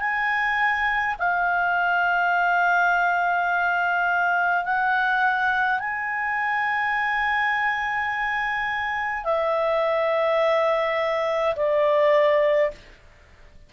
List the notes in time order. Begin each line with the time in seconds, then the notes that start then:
0.00 G#5
1.19 F5
4.64 F#5
5.80 G#5
9.24 E5
11.56 D5